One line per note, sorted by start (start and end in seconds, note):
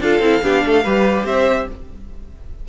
0.00 0.20 D4
0.00 0.23 F4
0.00 0.44 A4
0.00 1.26 F5
0.20 0.41 C4
0.20 0.42 E4
0.42 0.64 B3
0.42 0.84 D4
0.42 0.65 G4
0.65 0.85 A3
0.65 0.84 A4
0.84 1.25 G3
0.84 1.68 G4
0.84 1.26 B4
1.25 1.66 C4
1.25 1.68 C5
1.25 1.68 E5